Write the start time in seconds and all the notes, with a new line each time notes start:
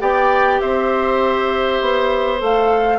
0.00 B3 G4 D5 G5
0.61 C4 C5 E5
1.81 B3
2.39 A3 A4 F5